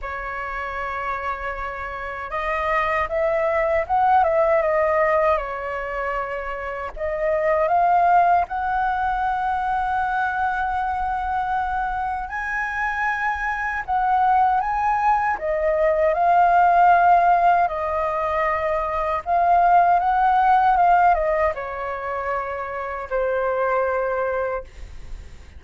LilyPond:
\new Staff \with { instrumentName = "flute" } { \time 4/4 \tempo 4 = 78 cis''2. dis''4 | e''4 fis''8 e''8 dis''4 cis''4~ | cis''4 dis''4 f''4 fis''4~ | fis''1 |
gis''2 fis''4 gis''4 | dis''4 f''2 dis''4~ | dis''4 f''4 fis''4 f''8 dis''8 | cis''2 c''2 | }